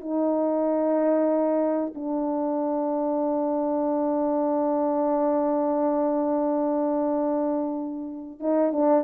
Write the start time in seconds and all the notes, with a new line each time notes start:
0.00 D#4
1.95 D4
8.40 D#4
8.72 D4